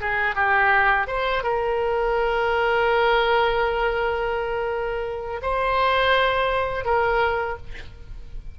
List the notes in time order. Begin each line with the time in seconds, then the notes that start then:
0.00 G#4
0.35 G4
1.07 C5
1.43 A#4
5.42 C5
6.85 A#4